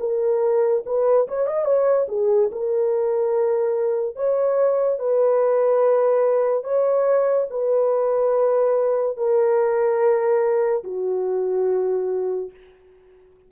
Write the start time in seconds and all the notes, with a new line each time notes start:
0.00 A#4
0.86 B4
1.28 C#5
1.47 D#5
1.65 C#5
2.08 G#4
2.52 A#4
4.16 C#5
4.99 B4
6.64 C#5
7.50 B4
9.17 A#4
10.84 F#4